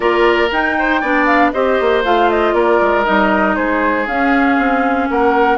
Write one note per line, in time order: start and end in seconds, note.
0.00 0.50 A#3
0.00 0.48 F4
0.00 0.76 A#4
0.00 0.50 D5
0.51 1.01 D#4
0.51 1.03 D#4
0.51 1.26 G5
0.78 1.00 C5
1.00 1.52 B3
1.00 1.53 D4
1.00 1.51 D5
1.26 1.51 F5
1.52 1.79 C4
1.52 2.04 G4
1.52 2.54 C5
1.52 2.03 D#5
1.80 2.04 A#3
2.04 2.53 A3
2.04 3.04 F4
2.04 2.30 F5
2.30 2.53 D#5
2.53 2.78 A#3
2.53 3.56 A#4
2.53 3.04 D5
2.81 3.06 G#3
3.04 3.57 G3
3.04 4.06 D#4
3.04 3.55 D#5
3.55 4.07 G#3
3.55 5.08 G#4
3.55 4.06 C5
4.07 4.57 C#4
4.07 5.57 C#4
4.07 5.09 F5
4.58 5.08 C4
5.10 5.57 A#3
5.10 5.57 A#4
5.10 5.57 F#5